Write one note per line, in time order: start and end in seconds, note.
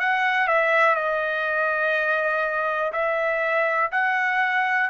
0.00 0.48 F#5
0.48 0.96 E5
0.96 2.92 D#5
2.93 3.91 E5
3.92 4.90 F#5